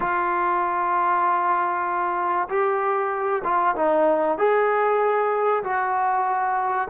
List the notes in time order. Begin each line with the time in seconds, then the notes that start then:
0.00 F4
2.48 G4
3.43 F4
3.75 D#4
4.38 G#4
5.63 F#4